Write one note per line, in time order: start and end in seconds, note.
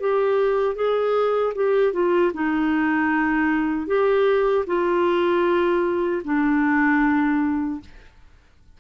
0.00 0.75 G4
0.75 1.53 G#4
1.55 1.93 G4
1.93 2.32 F4
2.33 3.87 D#4
3.87 4.65 G4
4.66 6.22 F4
6.24 7.80 D4